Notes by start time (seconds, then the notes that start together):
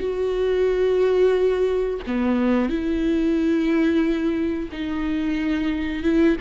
0.00 F#4
2.06 B3
2.69 E4
4.72 D#4
6.03 E4